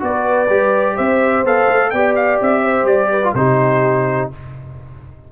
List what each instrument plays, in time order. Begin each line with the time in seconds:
0.00 tuba B3, trombone F#4, trumpet D5
0.06 horn B4
0.50 tuba G3, trombone G4
0.95 tuba C4, horn C5, trumpet E5
1.44 tuba B3, trombone A4, trumpet F5
1.70 tuba A3
1.91 tuba B3, trombone G4, horn D5, trumpet G5
2.16 trumpet F5
2.41 tuba C4, trumpet E5
2.62 horn C5
2.84 tuba G3, trumpet D5
3.11 horn B4
3.24 trombone F4
3.35 tuba C3, trombone D#4, horn G4, trumpet C5